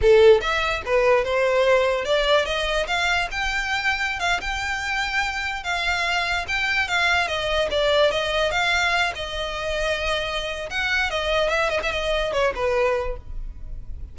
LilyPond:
\new Staff \with { instrumentName = "violin" } { \time 4/4 \tempo 4 = 146 a'4 e''4 b'4 c''4~ | c''4 d''4 dis''4 f''4 | g''2~ g''16 f''8 g''4~ g''16~ | g''4.~ g''16 f''2 g''16~ |
g''8. f''4 dis''4 d''4 dis''16~ | dis''8. f''4. dis''4.~ dis''16~ | dis''2 fis''4 dis''4 | e''8 dis''16 e''16 dis''4 cis''8 b'4. | }